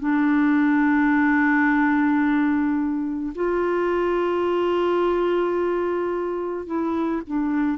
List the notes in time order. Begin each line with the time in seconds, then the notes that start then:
0.00 D4
3.35 F4
6.67 E4
7.27 D4